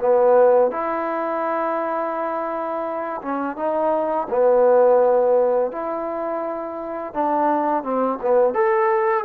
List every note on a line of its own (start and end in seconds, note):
0.00 0.71 B3
0.71 3.21 E4
3.22 3.56 C#4
3.56 4.28 D#4
4.29 5.71 B3
5.71 7.13 E4
7.13 7.83 D4
7.83 8.19 C4
8.21 8.54 B3
8.54 9.25 A4